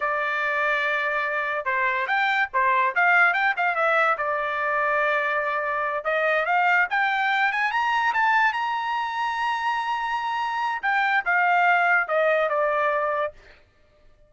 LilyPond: \new Staff \with { instrumentName = "trumpet" } { \time 4/4 \tempo 4 = 144 d''1 | c''4 g''4 c''4 f''4 | g''8 f''8 e''4 d''2~ | d''2~ d''8 dis''4 f''8~ |
f''8 g''4. gis''8 ais''4 a''8~ | a''8 ais''2.~ ais''8~ | ais''2 g''4 f''4~ | f''4 dis''4 d''2 | }